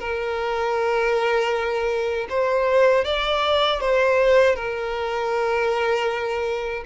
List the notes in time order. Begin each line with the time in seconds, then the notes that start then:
0.00 A#4
2.30 C5
3.05 D5
3.81 C5
4.56 A#4